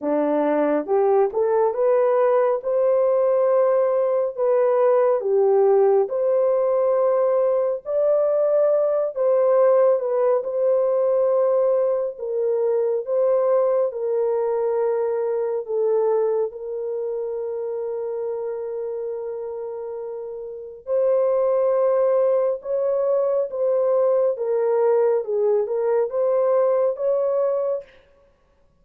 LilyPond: \new Staff \with { instrumentName = "horn" } { \time 4/4 \tempo 4 = 69 d'4 g'8 a'8 b'4 c''4~ | c''4 b'4 g'4 c''4~ | c''4 d''4. c''4 b'8 | c''2 ais'4 c''4 |
ais'2 a'4 ais'4~ | ais'1 | c''2 cis''4 c''4 | ais'4 gis'8 ais'8 c''4 cis''4 | }